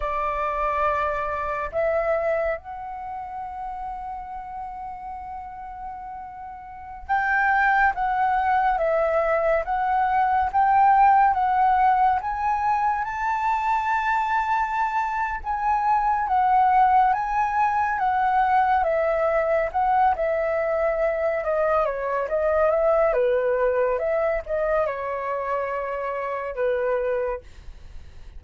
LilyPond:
\new Staff \with { instrumentName = "flute" } { \time 4/4 \tempo 4 = 70 d''2 e''4 fis''4~ | fis''1~ | fis''16 g''4 fis''4 e''4 fis''8.~ | fis''16 g''4 fis''4 gis''4 a''8.~ |
a''2 gis''4 fis''4 | gis''4 fis''4 e''4 fis''8 e''8~ | e''4 dis''8 cis''8 dis''8 e''8 b'4 | e''8 dis''8 cis''2 b'4 | }